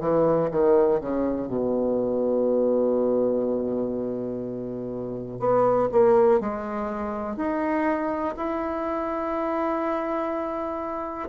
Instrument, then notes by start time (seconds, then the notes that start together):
bassoon
0.00 E3
0.51 D#3
1.00 C#3
1.47 B2
5.39 B3
5.92 A#3
6.40 G#3
7.36 D#4
8.37 E4